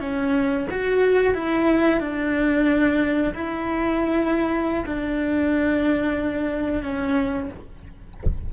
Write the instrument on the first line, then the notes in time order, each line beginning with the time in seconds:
cello
0.00 C#4
0.71 F#4
1.35 E4
2.00 D4
3.34 E4
4.86 D4
6.83 C#4